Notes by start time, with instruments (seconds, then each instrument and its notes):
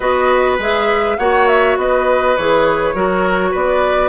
0.00 bassoon B3, clarinet F#4, oboe B4, flute D#5
0.58 bassoon G#3, clarinet G#4, flute E5
1.18 bassoon A#3, clarinet F#4, oboe C#5, flute F#5
1.47 flute E5
1.77 bassoon B3, oboe B4, flute D#5
2.36 bassoon E3, clarinet G#4, flute C#5
2.94 bassoon F#3, clarinet F#4, oboe A#4
3.50 bassoon B3, oboe B4, flute D5